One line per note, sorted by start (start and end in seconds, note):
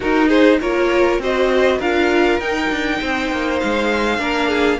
0.00 0.59 D#4
0.00 0.61 D#4
0.00 0.28 F#4
0.00 0.29 A#4
0.28 0.58 G#4
0.28 0.59 C5
0.61 1.19 A#3
0.61 1.21 F4
0.61 1.21 A#4
0.61 1.21 C#5
1.19 1.79 C4
1.19 1.81 F#4
1.19 1.78 C5
1.19 1.80 D#5
1.78 2.39 D4
1.78 2.40 F4
1.78 2.98 A#4
1.78 2.40 F5
2.39 2.69 D#4
2.39 4.18 D#4
2.39 3.59 G5
2.70 3.00 D4
3.00 3.31 C4
3.00 4.19 C5
3.31 3.61 A#3
3.59 4.19 G#3
3.59 4.79 F5
4.18 4.79 A#3
4.18 4.78 D4
4.18 4.48 A#4
4.48 4.78 G#4